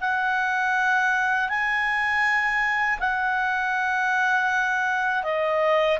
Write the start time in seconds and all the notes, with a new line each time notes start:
0.00 F#5
1.49 G#5
2.99 F#5
5.23 D#5